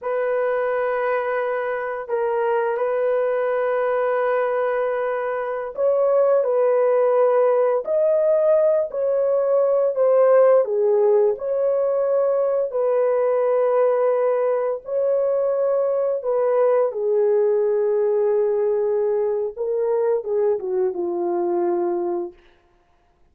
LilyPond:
\new Staff \with { instrumentName = "horn" } { \time 4/4 \tempo 4 = 86 b'2. ais'4 | b'1~ | b'16 cis''4 b'2 dis''8.~ | dis''8. cis''4. c''4 gis'8.~ |
gis'16 cis''2 b'4.~ b'16~ | b'4~ b'16 cis''2 b'8.~ | b'16 gis'2.~ gis'8. | ais'4 gis'8 fis'8 f'2 | }